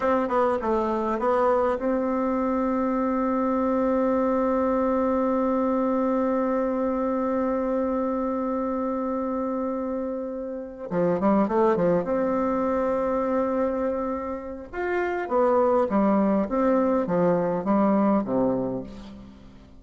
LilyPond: \new Staff \with { instrumentName = "bassoon" } { \time 4/4 \tempo 4 = 102 c'8 b8 a4 b4 c'4~ | c'1~ | c'1~ | c'1~ |
c'2~ c'8 f8 g8 a8 | f8 c'2.~ c'8~ | c'4 f'4 b4 g4 | c'4 f4 g4 c4 | }